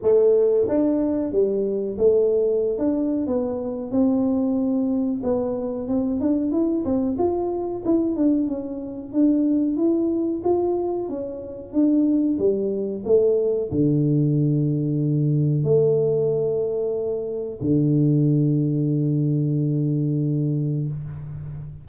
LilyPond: \new Staff \with { instrumentName = "tuba" } { \time 4/4 \tempo 4 = 92 a4 d'4 g4 a4~ | a16 d'8. b4 c'2 | b4 c'8 d'8 e'8 c'8 f'4 | e'8 d'8 cis'4 d'4 e'4 |
f'4 cis'4 d'4 g4 | a4 d2. | a2. d4~ | d1 | }